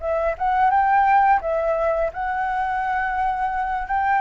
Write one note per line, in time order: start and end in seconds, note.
0.00 0.35 E5
0.38 0.70 F#5
0.70 1.40 G5
1.41 2.11 E5
2.13 3.87 F#5
3.87 4.21 G5